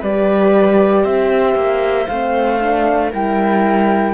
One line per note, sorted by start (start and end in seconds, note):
0.00 1.05 G3
0.00 2.10 G4
0.00 1.03 B4
0.00 1.05 D5
1.04 1.55 C4
1.04 3.11 C5
1.04 2.08 E5
1.55 2.07 A#3
2.08 3.13 A3
2.08 2.60 C4
2.08 3.11 F5
2.60 3.12 D4
3.11 4.14 G3
3.11 4.14 E4
3.11 4.14 A#4
3.11 4.14 G5